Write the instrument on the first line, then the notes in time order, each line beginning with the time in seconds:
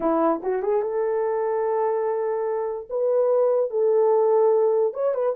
horn
0.00 E4
0.42 F#4
0.62 G#4
0.82 A4
2.89 B4
3.70 A4
4.93 C#5
5.14 B4